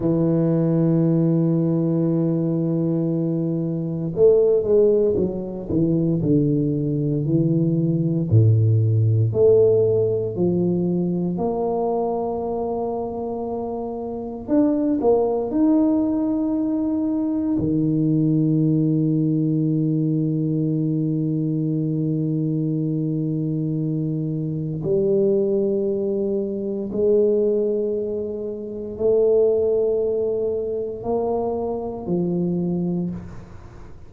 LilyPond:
\new Staff \with { instrumentName = "tuba" } { \time 4/4 \tempo 4 = 58 e1 | a8 gis8 fis8 e8 d4 e4 | a,4 a4 f4 ais4~ | ais2 d'8 ais8 dis'4~ |
dis'4 dis2.~ | dis1 | g2 gis2 | a2 ais4 f4 | }